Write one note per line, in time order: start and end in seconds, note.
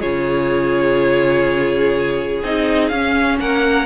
0.00 2.43 C#3
0.00 2.43 F4
0.00 3.39 G#4
0.00 2.43 C#5
2.43 2.91 C4
2.43 2.92 D#4
2.43 2.88 D#5
2.88 3.40 C#4
2.88 3.86 C#4
2.88 3.37 F5
3.40 3.86 A#3
3.40 3.86 A#4
3.40 3.86 F#5